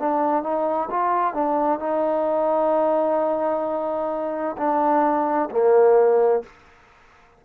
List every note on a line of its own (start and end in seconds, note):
0.00 0.43 D4
0.43 0.89 D#4
0.91 1.34 F4
1.34 1.80 D4
1.80 4.57 D#4
4.58 5.50 D4
5.51 6.44 A#3